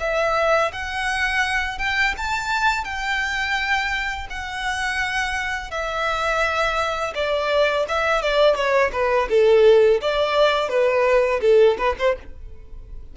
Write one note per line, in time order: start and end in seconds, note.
0.00 0.71 E5
0.72 1.79 F#5
1.79 2.14 G5
2.17 2.84 A5
2.84 4.27 G5
4.30 5.71 F#5
5.71 7.14 E5
7.15 7.86 D5
7.89 8.22 E5
8.22 8.55 D5
8.55 8.91 C#5
8.93 9.29 B4
9.30 10.01 A4
10.01 10.69 D5
10.69 11.41 B4
11.42 11.77 A4
11.78 11.96 B4
11.99 12.17 C5